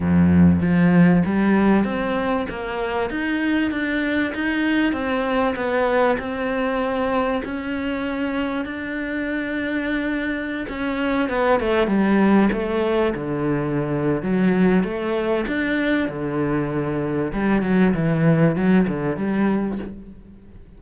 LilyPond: \new Staff \with { instrumentName = "cello" } { \time 4/4 \tempo 4 = 97 f,4 f4 g4 c'4 | ais4 dis'4 d'4 dis'4 | c'4 b4 c'2 | cis'2 d'2~ |
d'4~ d'16 cis'4 b8 a8 g8.~ | g16 a4 d4.~ d16 fis4 | a4 d'4 d2 | g8 fis8 e4 fis8 d8 g4 | }